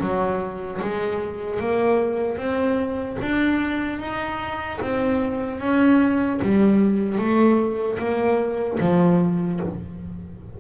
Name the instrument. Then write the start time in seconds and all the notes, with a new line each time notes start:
double bass
0.00 F#3
0.81 G#3
1.60 A#3
2.37 C4
3.21 D4
3.99 D#4
4.81 C4
5.60 C#4
6.42 G3
7.18 A3
7.98 A#3
8.80 F3